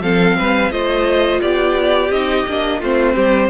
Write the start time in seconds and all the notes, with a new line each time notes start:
0.00 F3 C4 A4 F5
0.38 G3 B4
0.71 A3 F4 C5 D#5
1.41 B3 G4 D5
2.10 C4 D#4 D#5
2.47 A#3 D4
2.79 A3 C4 F4 C5
3.15 G3 G4